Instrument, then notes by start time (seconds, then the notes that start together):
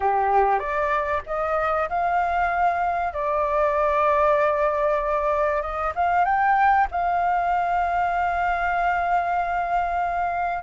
flute
0.00 G4
0.59 D5
1.26 D#5
1.89 F5
3.13 D5
5.62 D#5
5.95 F5
6.24 G5
6.91 F5